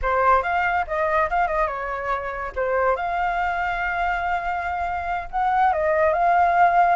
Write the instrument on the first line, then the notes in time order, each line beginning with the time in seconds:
flute
0.02 C5
0.42 F5
0.87 D#5
1.30 F5
1.47 D#5
1.67 C#5
2.55 C5
2.95 F5
5.30 F#5
5.72 D#5
6.13 F5